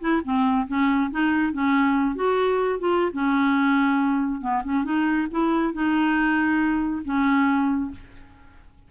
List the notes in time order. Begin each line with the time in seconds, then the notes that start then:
0.00 E4
0.24 C4
0.68 C#4
1.11 D#4
1.53 C#4
2.15 F#4
2.80 F4
3.13 C#4
4.41 B3
4.64 C#4
4.84 D#4
5.31 E4
5.73 D#4
7.05 C#4